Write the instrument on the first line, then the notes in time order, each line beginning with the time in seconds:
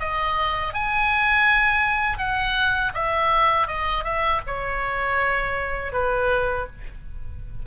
oboe
0.00 D#5
0.74 G#5
2.19 F#5
2.94 E5
3.68 D#5
4.04 E5
4.47 C#5
5.93 B4